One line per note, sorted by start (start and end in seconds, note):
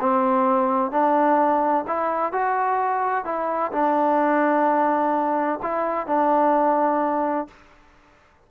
0.00 0.91 C4
0.91 1.85 D4
1.87 2.32 E4
2.32 3.25 F#4
3.25 3.72 E4
3.72 5.59 D4
5.62 6.07 E4
6.07 7.47 D4